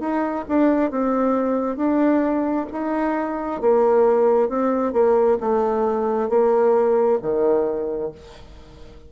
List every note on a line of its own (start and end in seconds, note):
0.00 0.45 D#4
0.49 0.91 D4
0.91 1.77 C4
1.77 2.67 D4
2.72 3.61 D#4
3.61 4.49 A#3
4.49 4.93 C4
4.93 5.38 A#3
5.41 6.30 A3
6.30 7.19 A#3
7.22 8.12 D#3